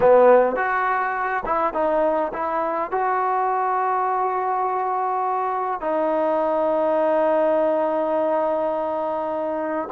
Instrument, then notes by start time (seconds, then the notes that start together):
trombone
0.00 B3
0.56 F#4
1.45 E4
1.73 D#4
2.33 E4
2.91 F#4
5.80 D#4